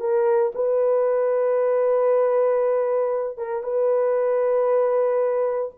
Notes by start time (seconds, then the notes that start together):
0.00 A#4
0.55 B4
3.37 A#4
3.63 B4